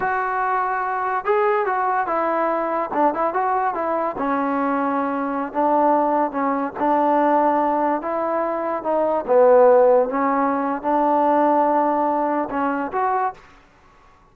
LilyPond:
\new Staff \with { instrumentName = "trombone" } { \time 4/4 \tempo 4 = 144 fis'2. gis'4 | fis'4 e'2 d'8 e'8 | fis'4 e'4 cis'2~ | cis'4~ cis'16 d'2 cis'8.~ |
cis'16 d'2. e'8.~ | e'4~ e'16 dis'4 b4.~ b16~ | b16 cis'4.~ cis'16 d'2~ | d'2 cis'4 fis'4 | }